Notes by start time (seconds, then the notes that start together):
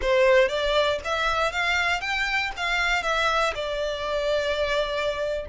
0.01 C5
0.48 D5
1.04 E5
1.51 F5
2.00 G5
2.56 F5
3.03 E5
3.54 D5